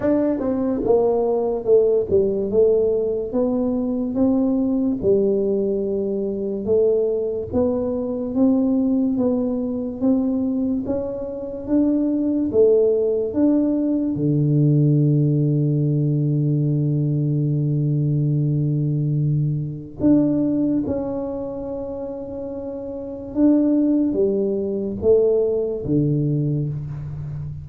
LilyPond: \new Staff \with { instrumentName = "tuba" } { \time 4/4 \tempo 4 = 72 d'8 c'8 ais4 a8 g8 a4 | b4 c'4 g2 | a4 b4 c'4 b4 | c'4 cis'4 d'4 a4 |
d'4 d2.~ | d1 | d'4 cis'2. | d'4 g4 a4 d4 | }